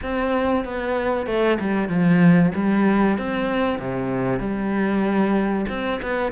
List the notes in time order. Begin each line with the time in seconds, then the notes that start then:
0.03 C4
0.65 B3
1.26 A3
1.60 G3
1.88 F3
2.54 G3
3.18 C4
3.79 C3
4.39 G3
5.68 C4
6.02 B3